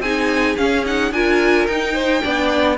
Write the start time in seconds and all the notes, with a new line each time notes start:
0.00 C4 D#4 G#4 G#5
0.57 C#4 F5
0.86 D#4 F#5
1.12 D4 F4 A#4 G#5
1.67 D#4 G5
1.94 C5
2.22 B3 D4 D5